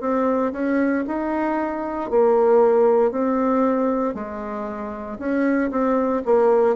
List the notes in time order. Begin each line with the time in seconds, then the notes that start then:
0.00 C4
0.52 C#4
1.07 D#4
2.10 A#3
3.11 C4
4.14 G#3
5.19 C#4
5.70 C4
6.25 A#3